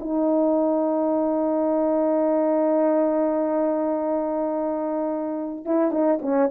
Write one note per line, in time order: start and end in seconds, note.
0.00 5.66 D#4
5.66 5.91 E4
5.91 6.20 D#4
6.22 6.50 C#4